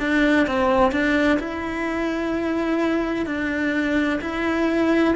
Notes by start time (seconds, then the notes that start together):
0.00 D4
0.47 C4
0.92 D4
1.39 E4
3.26 D4
4.21 E4